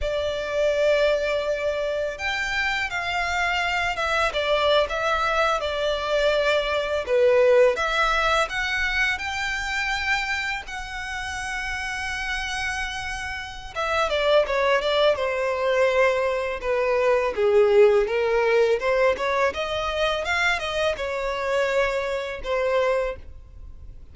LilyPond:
\new Staff \with { instrumentName = "violin" } { \time 4/4 \tempo 4 = 83 d''2. g''4 | f''4. e''8 d''8. e''4 d''16~ | d''4.~ d''16 b'4 e''4 fis''16~ | fis''8. g''2 fis''4~ fis''16~ |
fis''2. e''8 d''8 | cis''8 d''8 c''2 b'4 | gis'4 ais'4 c''8 cis''8 dis''4 | f''8 dis''8 cis''2 c''4 | }